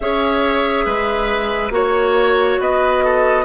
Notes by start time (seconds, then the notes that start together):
0.00 C#4 G#4 C#5 E5
0.85 G#3 B4
1.70 A#3 F#4 C#5
2.59 B3 B4 D#5
3.04 A4